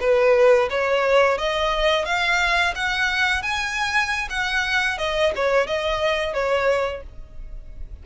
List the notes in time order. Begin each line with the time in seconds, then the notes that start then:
0.00 B4
0.70 C#5
1.38 D#5
2.05 F5
2.75 F#5
3.42 G#5
4.30 F#5
4.98 D#5
5.36 C#5
5.67 D#5
6.34 C#5